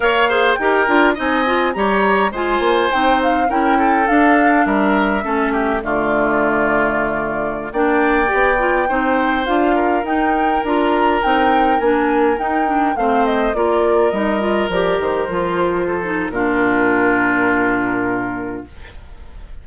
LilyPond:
<<
  \new Staff \with { instrumentName = "flute" } { \time 4/4 \tempo 4 = 103 f''4 g''4 gis''4 ais''4 | gis''4 g''8 f''8 g''4 f''4 | e''2 d''2~ | d''4~ d''16 g''2~ g''8.~ |
g''16 f''4 g''4 ais''4 g''8.~ | g''16 gis''4 g''4 f''8 dis''8 d''8.~ | d''16 dis''4 d''8 c''2~ c''16 | ais'1 | }
  \new Staff \with { instrumentName = "oboe" } { \time 4/4 cis''8 c''8 ais'4 dis''4 cis''4 | c''2 ais'8 a'4. | ais'4 a'8 g'8 f'2~ | f'4~ f'16 d''2 c''8.~ |
c''8. ais'2.~ ais'16~ | ais'2~ ais'16 c''4 ais'8.~ | ais'2.~ ais'16 a'8. | f'1 | }
  \new Staff \with { instrumentName = "clarinet" } { \time 4/4 ais'8 gis'8 g'8 f'8 dis'8 f'8 g'4 | f'4 dis'4 e'4 d'4~ | d'4 cis'4 a2~ | a4~ a16 d'4 g'8 f'8 dis'8.~ |
dis'16 f'4 dis'4 f'4 dis'8.~ | dis'16 d'4 dis'8 d'8 c'4 f'8.~ | f'16 dis'8 f'8 g'4 f'4~ f'16 dis'8 | d'1 | }
  \new Staff \with { instrumentName = "bassoon" } { \time 4/4 ais4 dis'8 d'8 c'4 g4 | gis8 ais8 c'4 cis'4 d'4 | g4 a4 d2~ | d4~ d16 ais4 b4 c'8.~ |
c'16 d'4 dis'4 d'4 c'8.~ | c'16 ais4 dis'4 a4 ais8.~ | ais16 g4 f8 dis8 f4.~ f16 | ais,1 | }
>>